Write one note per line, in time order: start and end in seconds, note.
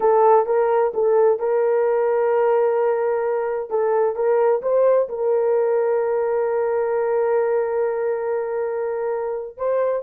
0.00 0.46 A4
0.46 0.92 A#4
0.94 1.39 A4
1.39 3.69 A#4
3.70 4.15 A4
4.15 4.61 A#4
4.62 5.08 C5
5.08 9.57 A#4
9.57 10.03 C5